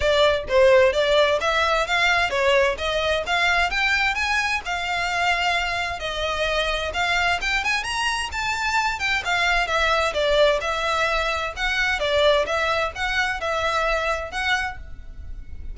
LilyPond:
\new Staff \with { instrumentName = "violin" } { \time 4/4 \tempo 4 = 130 d''4 c''4 d''4 e''4 | f''4 cis''4 dis''4 f''4 | g''4 gis''4 f''2~ | f''4 dis''2 f''4 |
g''8 gis''8 ais''4 a''4. g''8 | f''4 e''4 d''4 e''4~ | e''4 fis''4 d''4 e''4 | fis''4 e''2 fis''4 | }